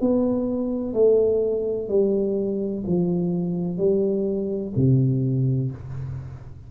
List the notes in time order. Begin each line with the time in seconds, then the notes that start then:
0.00 B3
0.93 A3
1.88 G3
2.86 F3
3.77 G3
4.76 C3